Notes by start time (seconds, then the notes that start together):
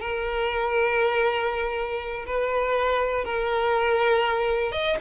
0.00 A#4
2.26 B4
3.24 A#4
4.72 D#5